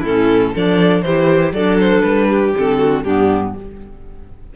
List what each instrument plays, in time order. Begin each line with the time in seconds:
0.00 cello A2, clarinet C#4, violin E4 A4
0.53 cello F3, clarinet D4, violin A4 D5
1.02 cello E3, clarinet E4, violin G4 C5
1.52 cello F#3, clarinet D4, violin A4 D5
1.80 violin C5
2.01 cello G3, violin B4
2.29 violin G4
2.55 cello D3, clarinet C4, violin A4
2.78 violin F#4
3.03 cello G2, clarinet B3, violin D4 G4